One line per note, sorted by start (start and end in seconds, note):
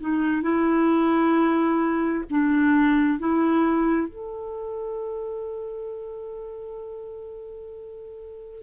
0.00 0.43 D#4
0.43 2.24 E4
2.30 3.19 D4
3.19 4.08 E4
4.08 8.62 A4